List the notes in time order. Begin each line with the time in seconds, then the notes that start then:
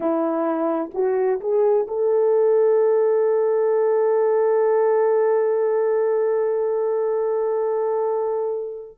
0.00 E4
0.94 F#4
1.40 G#4
1.87 A4